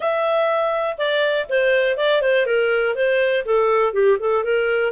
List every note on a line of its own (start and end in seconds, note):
0.00 0.96 E5
0.97 1.46 D5
1.49 1.96 C5
1.96 2.21 D5
2.21 2.46 C5
2.46 2.95 A#4
2.95 3.44 C5
3.45 3.93 A4
3.93 4.17 G4
4.19 4.44 A4
4.44 4.92 A#4